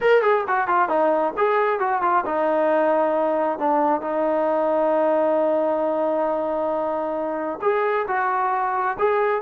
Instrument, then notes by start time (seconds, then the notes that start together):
trombone
0.00 A#4
0.22 G#4
0.47 F#4
0.67 F4
0.88 D#4
1.37 G#4
1.79 F#4
2.02 F4
2.25 D#4
3.58 D4
4.01 D#4
7.61 G#4
8.07 F#4
8.98 G#4